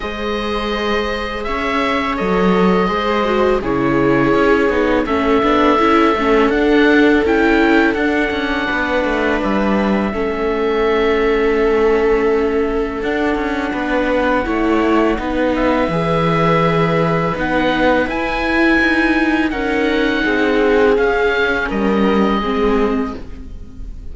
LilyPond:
<<
  \new Staff \with { instrumentName = "oboe" } { \time 4/4 \tempo 4 = 83 dis''2 e''4 dis''4~ | dis''4 cis''2 e''4~ | e''4 fis''4 g''4 fis''4~ | fis''4 e''2.~ |
e''2 fis''2~ | fis''4. e''2~ e''8 | fis''4 gis''2 fis''4~ | fis''4 f''4 dis''2 | }
  \new Staff \with { instrumentName = "viola" } { \time 4/4 c''2 cis''2 | c''4 gis'2 a'4~ | a'1 | b'2 a'2~ |
a'2. b'4 | cis''4 b'2.~ | b'2. ais'4 | gis'2 ais'4 gis'4 | }
  \new Staff \with { instrumentName = "viola" } { \time 4/4 gis'2. a'4 | gis'8 fis'8 e'4. dis'8 cis'8 d'8 | e'8 cis'8 d'4 e'4 d'4~ | d'2 cis'2~ |
cis'2 d'2 | e'4 dis'4 gis'2 | dis'4 e'2 dis'4~ | dis'4 cis'2 c'4 | }
  \new Staff \with { instrumentName = "cello" } { \time 4/4 gis2 cis'4 fis4 | gis4 cis4 cis'8 b8 a8 b8 | cis'8 a8 d'4 cis'4 d'8 cis'8 | b8 a8 g4 a2~ |
a2 d'8 cis'8 b4 | a4 b4 e2 | b4 e'4 dis'4 cis'4 | c'4 cis'4 g4 gis4 | }
>>